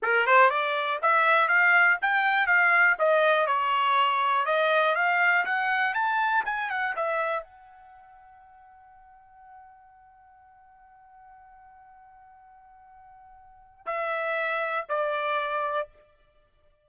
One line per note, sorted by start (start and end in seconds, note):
0.02 0.26 A#4
0.26 0.50 C5
0.50 0.99 D5
1.02 1.48 E5
1.48 1.98 F5
2.01 2.47 G5
2.47 2.96 F5
2.98 3.46 D#5
3.46 4.45 C#5
4.45 4.95 D#5
4.95 5.44 F5
5.45 5.94 F#5
5.94 6.43 A5
6.45 6.69 G#5
6.69 6.94 F#5
6.96 7.43 E5
7.43 13.86 F#5
13.86 14.85 E5
14.88 15.87 D5